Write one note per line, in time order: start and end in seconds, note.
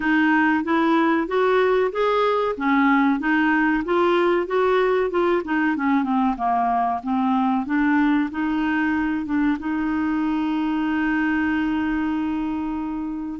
0.00 0.64 D#4
0.64 1.27 E4
1.27 1.91 F#4
1.91 2.55 G#4
2.57 3.19 C#4
3.19 3.83 D#4
3.84 4.47 F4
4.47 5.10 F#4
5.10 5.42 F4
5.44 5.76 D#4
5.76 6.03 C#4
6.03 6.35 C4
6.37 7.00 A#3
7.03 7.66 C4
7.66 8.29 D4
8.30 9.26 D#4
9.26 9.57 D4
9.59 13.40 D#4